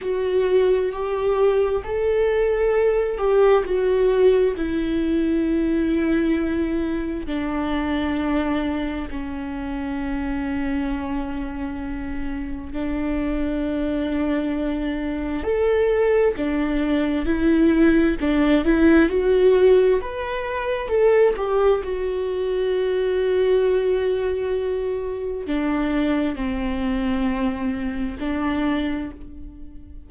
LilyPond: \new Staff \with { instrumentName = "viola" } { \time 4/4 \tempo 4 = 66 fis'4 g'4 a'4. g'8 | fis'4 e'2. | d'2 cis'2~ | cis'2 d'2~ |
d'4 a'4 d'4 e'4 | d'8 e'8 fis'4 b'4 a'8 g'8 | fis'1 | d'4 c'2 d'4 | }